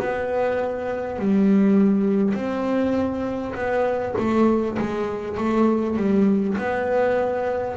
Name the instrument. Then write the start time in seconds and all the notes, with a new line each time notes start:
double bass
0.00 B3
1.19 G3
2.35 C4
3.55 B3
4.18 A3
4.79 G#3
5.38 A3
5.97 G3
6.58 B3